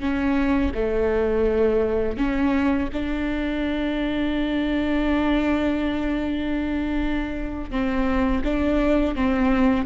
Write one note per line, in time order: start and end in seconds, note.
0.00 0.71 C#4
0.75 2.17 A3
2.17 2.89 C#4
2.93 7.71 D4
7.71 8.42 C4
8.44 9.15 D4
9.15 9.86 C4